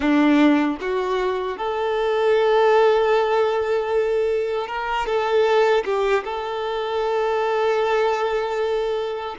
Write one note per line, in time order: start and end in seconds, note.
0.00 0.77 D4
0.80 1.57 F#4
1.57 4.67 A4
4.67 5.06 A#4
5.06 5.84 A4
5.84 6.23 G4
6.24 9.35 A4